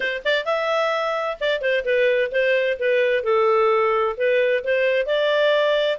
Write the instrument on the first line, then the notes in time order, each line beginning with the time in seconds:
clarinet
0.00 C5
0.24 D5
0.45 E5
1.40 D5
1.61 C5
1.85 B4
2.31 C5
2.79 B4
3.23 A4
4.17 B4
4.64 C5
5.06 D5